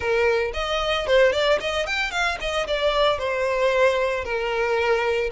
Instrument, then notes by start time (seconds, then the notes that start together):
violin
0.00 A#4
0.53 D#5
1.06 C5
1.32 D5
1.60 D#5
1.86 G5
2.11 F5
2.40 D#5
2.67 D5
3.18 C5
4.24 A#4